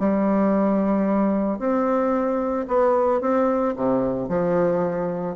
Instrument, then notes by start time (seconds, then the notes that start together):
bassoon
0.00 G3
1.59 C4
2.68 B3
3.22 C4
3.76 C3
4.29 F3